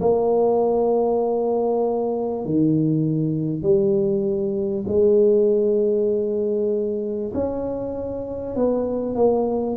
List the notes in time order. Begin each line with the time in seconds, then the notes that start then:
0.00 A#3
2.45 D#3
3.62 G3
4.87 G#3
7.34 C#4
8.55 B3
9.15 A#3